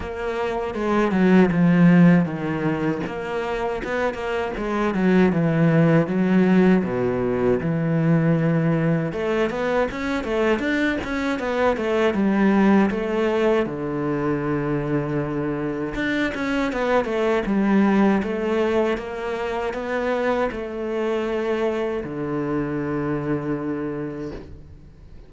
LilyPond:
\new Staff \with { instrumentName = "cello" } { \time 4/4 \tempo 4 = 79 ais4 gis8 fis8 f4 dis4 | ais4 b8 ais8 gis8 fis8 e4 | fis4 b,4 e2 | a8 b8 cis'8 a8 d'8 cis'8 b8 a8 |
g4 a4 d2~ | d4 d'8 cis'8 b8 a8 g4 | a4 ais4 b4 a4~ | a4 d2. | }